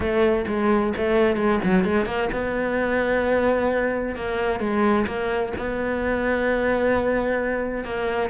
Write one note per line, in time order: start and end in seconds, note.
0.00 0.45 A3
0.47 0.93 G#3
0.96 1.36 A3
1.36 1.59 G#3
1.64 1.84 F#3
1.84 2.06 G#3
2.06 2.29 A#3
2.32 4.15 B3
4.15 4.59 A#3
4.59 5.06 G#3
5.06 5.53 A#3
5.57 7.84 B3
7.84 8.30 A#3